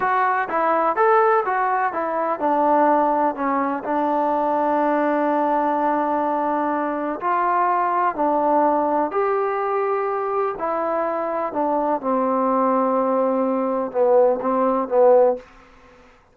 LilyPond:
\new Staff \with { instrumentName = "trombone" } { \time 4/4 \tempo 4 = 125 fis'4 e'4 a'4 fis'4 | e'4 d'2 cis'4 | d'1~ | d'2. f'4~ |
f'4 d'2 g'4~ | g'2 e'2 | d'4 c'2.~ | c'4 b4 c'4 b4 | }